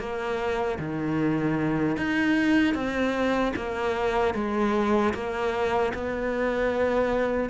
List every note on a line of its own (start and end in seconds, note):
0.00 0.79 A#3
0.79 1.97 D#3
1.97 2.75 D#4
2.75 3.53 C4
3.56 4.35 A#3
4.35 5.14 G#3
5.14 5.93 A#3
5.95 7.50 B3